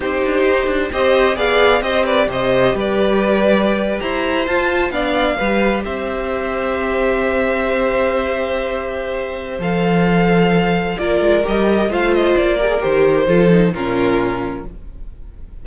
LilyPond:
<<
  \new Staff \with { instrumentName = "violin" } { \time 4/4 \tempo 4 = 131 c''2 dis''4 f''4 | dis''8 d''8 dis''4 d''2~ | d''8. ais''4 a''4 f''4~ f''16~ | f''8. e''2.~ e''16~ |
e''1~ | e''4 f''2. | d''4 dis''4 f''8 dis''8 d''4 | c''2 ais'2 | }
  \new Staff \with { instrumentName = "violin" } { \time 4/4 g'2 c''4 d''4 | c''8 b'8 c''4 b'2~ | b'8. c''2 d''4 b'16~ | b'8. c''2.~ c''16~ |
c''1~ | c''1 | ais'2 c''4. ais'8~ | ais'4 a'4 f'2 | }
  \new Staff \with { instrumentName = "viola" } { \time 4/4 dis'2 g'4 gis'4 | g'1~ | g'4.~ g'16 f'4 d'4 g'16~ | g'1~ |
g'1~ | g'4 a'2. | f'4 g'4 f'4. g'16 gis'16 | g'4 f'8 dis'8 cis'2 | }
  \new Staff \with { instrumentName = "cello" } { \time 4/4 c'8 d'8 dis'8 d'8 c'4 b4 | c'4 c4 g2~ | g8. e'4 f'4 b4 g16~ | g8. c'2.~ c'16~ |
c'1~ | c'4 f2. | ais8 gis8 g4 a4 ais4 | dis4 f4 ais,2 | }
>>